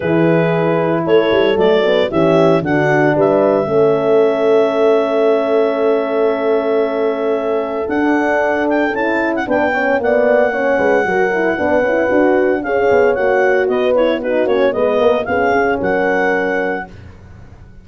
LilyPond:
<<
  \new Staff \with { instrumentName = "clarinet" } { \time 4/4 \tempo 4 = 114 b'2 cis''4 d''4 | e''4 fis''4 e''2~ | e''1~ | e''2. fis''4~ |
fis''8 g''8 a''8. fis''16 g''4 fis''4~ | fis''1 | f''4 fis''4 dis''8 cis''8 b'8 cis''8 | dis''4 f''4 fis''2 | }
  \new Staff \with { instrumentName = "horn" } { \time 4/4 gis'2 a'2 | g'4 fis'4 b'4 a'4~ | a'1~ | a'1~ |
a'2 b'8 cis''8 d''4 | cis''8 b'8 ais'4 b'2 | cis''2 b'4 fis'4 | b'8 ais'8 gis'4 ais'2 | }
  \new Staff \with { instrumentName = "horn" } { \time 4/4 e'2. a8 b8 | cis'4 d'2 cis'4~ | cis'1~ | cis'2. d'4~ |
d'4 e'4 d'8 cis'8 b4 | cis'4 fis'8 e'8 d'8 e'8 fis'4 | gis'4 fis'4. e'8 dis'8 cis'8 | b4 cis'2. | }
  \new Staff \with { instrumentName = "tuba" } { \time 4/4 e2 a8 g8 fis4 | e4 d4 g4 a4~ | a1~ | a2. d'4~ |
d'4 cis'4 b4 ais4~ | ais8 gis8 fis4 b8 cis'8 d'4 | cis'8 b8 ais4 b4. ais8 | gis8 ais8 b8 cis'8 fis2 | }
>>